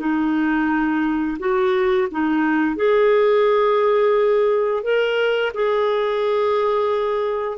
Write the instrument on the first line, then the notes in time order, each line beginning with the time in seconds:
clarinet
0.00 D#4
1.40 F#4
2.12 D#4
2.76 G#4
4.84 A#4
5.54 G#4